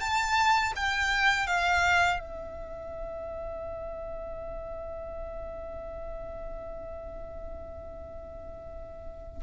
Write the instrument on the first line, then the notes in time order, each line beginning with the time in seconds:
violin
0.00 A5
0.75 G5
1.47 F5
2.19 E5